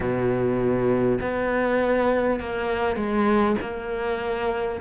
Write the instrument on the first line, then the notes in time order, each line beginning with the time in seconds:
cello
0.00 B2
1.21 B3
2.40 A#3
2.96 G#3
3.60 A#3